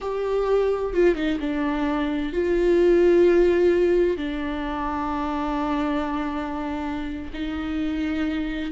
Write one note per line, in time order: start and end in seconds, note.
0.00 0.93 G4
0.93 1.15 F4
1.15 1.38 D#4
1.40 2.32 D4
2.32 4.17 F4
4.17 7.31 D4
7.33 8.71 D#4